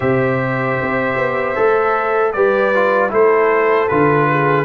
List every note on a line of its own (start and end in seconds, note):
0.00 0.78 C3
0.00 1.55 G4
0.00 2.33 C5
0.00 2.32 E5
0.81 1.17 C4
1.17 1.56 B3
1.55 2.34 A3
1.55 2.33 A4
2.32 3.12 G3
2.32 2.74 G4
2.32 3.11 B4
2.32 3.10 D5
2.75 3.09 F4
3.09 3.90 A3
3.09 3.87 E4
3.09 4.28 A4
3.09 3.88 C5
3.88 4.65 D3
3.88 4.65 F4
3.88 4.65 B4
4.30 4.65 G#4